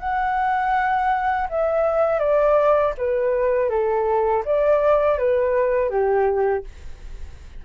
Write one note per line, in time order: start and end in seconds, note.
0.00 1.48 F#5
1.50 2.19 E5
2.19 2.93 D5
2.98 3.70 B4
3.70 4.44 A4
4.45 5.19 D5
5.19 5.90 B4
5.90 6.64 G4